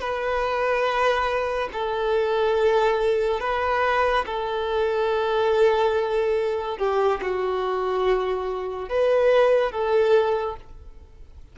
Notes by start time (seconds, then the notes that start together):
0.00 B4
1.72 A4
3.40 B4
4.26 A4
6.78 G4
7.22 F#4
8.89 B4
9.71 A4